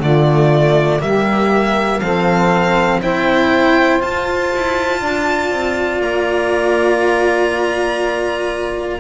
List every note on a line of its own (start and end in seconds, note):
0.00 1.00 D3
0.00 1.00 A3
0.00 1.01 F4
0.00 1.01 D5
1.00 2.01 G3
1.00 2.00 A#3
1.00 2.01 G4
1.00 2.00 E5
2.00 3.01 F3
2.00 3.02 C4
2.00 3.01 A4
2.00 3.00 F5
3.02 4.02 C4
3.02 4.00 E4
3.02 5.00 C5
3.02 4.01 G5
4.00 9.00 F4
4.00 4.52 F4
4.00 6.01 A5
4.55 5.01 E4
5.00 5.51 D4
5.00 9.00 D5
5.51 6.00 C4
6.00 9.00 A#3
6.00 9.00 A#5